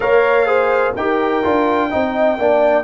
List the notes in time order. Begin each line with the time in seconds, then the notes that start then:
0.00 A#3 A#4 C#5 F5
0.46 G#4 C5
0.94 D#4 G4 A#4 G5
1.43 D4 F4
1.90 C4 D#4 D#5
2.38 A#3 D4 D5